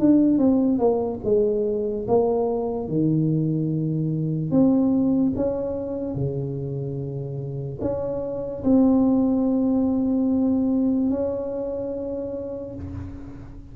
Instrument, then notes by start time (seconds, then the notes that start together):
tuba
0.00 D4
0.39 C4
0.79 A#3
1.25 G#3
2.08 A#3
2.88 D#3
4.51 C4
5.36 C#4
6.15 C#3
7.82 C#4
8.64 C4
11.11 C#4